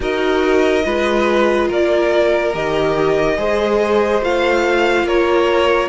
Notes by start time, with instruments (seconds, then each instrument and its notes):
0.00 cello D#4, viola F#4, violin A#4 D#5
0.83 cello G#3, viola F4, violin B4
1.68 cello A#3, violin A#4 D5
2.53 cello D#3, viola G4, violin D#5
3.37 cello G#3, viola G#4, violin C5
4.21 cello A3, viola F4, violin F5
5.03 cello A#3, violin A#4 C#5